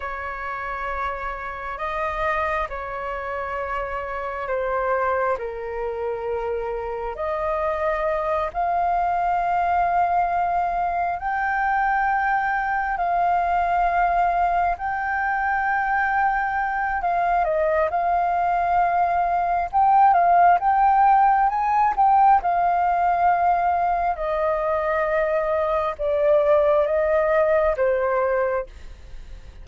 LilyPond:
\new Staff \with { instrumentName = "flute" } { \time 4/4 \tempo 4 = 67 cis''2 dis''4 cis''4~ | cis''4 c''4 ais'2 | dis''4. f''2~ f''8~ | f''8 g''2 f''4.~ |
f''8 g''2~ g''8 f''8 dis''8 | f''2 g''8 f''8 g''4 | gis''8 g''8 f''2 dis''4~ | dis''4 d''4 dis''4 c''4 | }